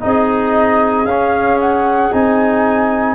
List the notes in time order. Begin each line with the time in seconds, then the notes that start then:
0.00 C4 D#4 G#4 D#5
1.04 C#4 F5
1.60 F#5
2.12 C4 D#4 G#5